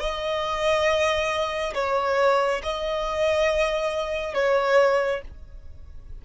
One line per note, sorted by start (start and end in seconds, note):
0.00 1.74 D#5
1.74 2.61 C#5
2.63 4.34 D#5
4.34 5.21 C#5